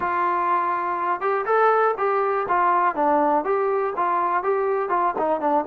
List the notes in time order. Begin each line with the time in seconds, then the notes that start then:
0.00 F4
1.20 G4
1.45 A4
1.97 G4
2.48 F4
2.95 D4
3.44 G4
3.96 F4
4.43 G4
4.89 F4
5.18 D#4
5.40 D4